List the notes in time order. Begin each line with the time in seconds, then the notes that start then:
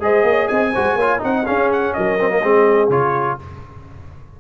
0.00 G#3 G#4 C5 D#5
0.23 A#3
0.29 C#5
0.48 C4 D#5 G#5
0.73 G#3 F#4 C5
0.96 A#3 F4 C#5
1.19 C4 D#4 D#5 F#5
1.46 C#4 G#4 F5
1.72 F#5
1.93 F#3 A#4 D#5
2.20 C4
2.30 A#3
2.43 G#3 C4 G#4
2.89 C#3 F4 C#5